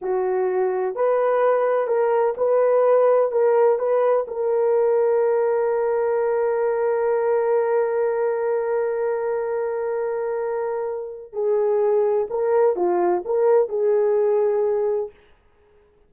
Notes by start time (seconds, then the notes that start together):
0.01 F#4
0.95 B4
1.87 A#4
2.37 B4
3.31 A#4
3.78 B4
4.27 A#4
11.33 G#4
12.30 A#4
12.76 F4
13.25 A#4
13.68 G#4